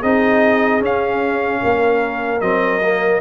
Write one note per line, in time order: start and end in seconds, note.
0.00 0.81 C4
0.00 0.81 D#4
0.00 1.60 G#4
0.00 0.82 D#5
0.81 2.41 C#4
0.81 1.61 C#4
0.81 2.41 F5
1.62 2.41 A#3
1.62 3.21 A#4
2.41 3.21 F#3
2.41 2.82 C4
2.41 3.21 D#5
2.83 3.21 A#3